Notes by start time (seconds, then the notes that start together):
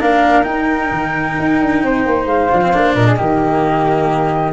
0.00 A#3 D4 A#4 F5
0.43 D#4 G5
0.91 D#3
1.39 D#4
1.60 D4
1.83 C4 C5
2.06 A#3
2.25 G#3 F5
2.51 F3 D4
2.61 C4
2.73 A#3 D4
2.95 A#2 A#4 D#5
3.06 G#4
3.17 D#3 A#3 G4